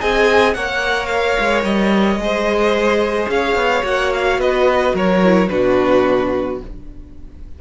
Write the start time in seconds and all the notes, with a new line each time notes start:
0.00 C4 G#4 D#5 G#5
0.54 A#3 A#4 C#5 F#5
1.06 F5
1.40 G#3
1.64 G3 D#5
2.16 G#3 G#4
2.23 C5
3.28 C#4 C#5 F5
3.55 B3
3.83 A#3 F#4 F#5
4.14 F5
4.38 B3 B4 D#5
4.94 F#3 A#4 C#5
5.24 E4
5.49 B2 D4 F#4 B4